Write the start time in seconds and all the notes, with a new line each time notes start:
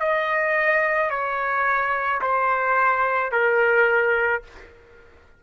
0.00 D#5
1.10 C#5
2.21 C5
3.32 A#4